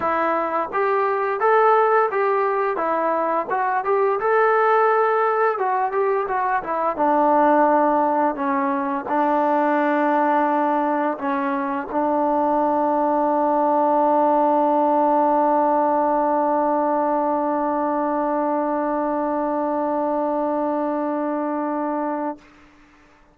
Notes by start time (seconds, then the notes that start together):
0.00 E4
0.72 G4
1.40 A4
2.11 G4
2.76 E4
3.50 F#4
3.84 G4
4.20 A4
5.58 F#4
5.92 G4
6.28 F#4
6.63 E4
6.96 D4
8.35 C#4
9.08 D4
11.18 C#4
11.91 D4